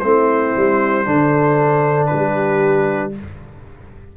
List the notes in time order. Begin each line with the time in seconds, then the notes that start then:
0.00 A3 C4 E4 C5
0.56 G3
1.05 D3 D4 A4
2.07 G4 B4
2.14 G3